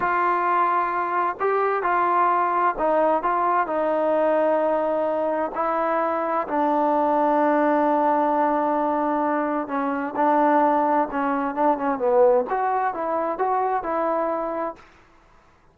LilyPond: \new Staff \with { instrumentName = "trombone" } { \time 4/4 \tempo 4 = 130 f'2. g'4 | f'2 dis'4 f'4 | dis'1 | e'2 d'2~ |
d'1~ | d'4 cis'4 d'2 | cis'4 d'8 cis'8 b4 fis'4 | e'4 fis'4 e'2 | }